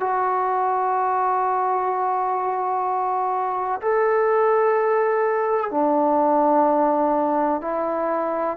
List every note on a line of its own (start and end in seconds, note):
0.00 3.81 F#4
3.82 5.71 A4
5.71 7.61 D4
7.61 8.57 E4